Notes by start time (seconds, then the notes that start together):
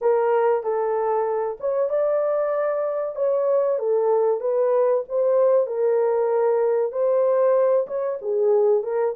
0.01 A#4
0.63 A4
1.60 C#5
1.89 D5
3.16 C#5
3.78 A4
4.40 B4
5.08 C5
5.66 A#4
6.92 C5
7.87 C#5
8.21 G#4
8.83 A#4